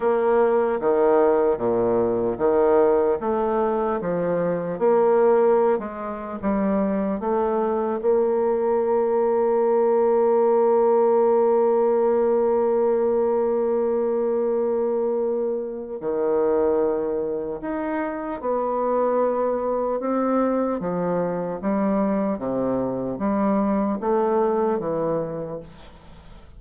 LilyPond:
\new Staff \with { instrumentName = "bassoon" } { \time 4/4 \tempo 4 = 75 ais4 dis4 ais,4 dis4 | a4 f4 ais4~ ais16 gis8. | g4 a4 ais2~ | ais1~ |
ais1 | dis2 dis'4 b4~ | b4 c'4 f4 g4 | c4 g4 a4 e4 | }